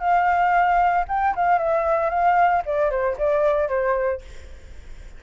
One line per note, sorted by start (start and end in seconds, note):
0.00 1.05 F5
1.09 1.35 G5
1.36 1.59 F5
1.59 2.10 E5
2.10 2.63 F5
2.66 2.91 D5
2.91 3.17 C5
3.18 3.69 D5
3.69 4.22 C5